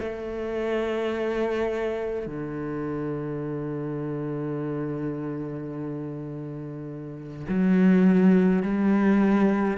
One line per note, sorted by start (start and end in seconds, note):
0.00 2.27 A3
2.27 7.46 D3
7.49 8.63 F#3
8.63 9.78 G3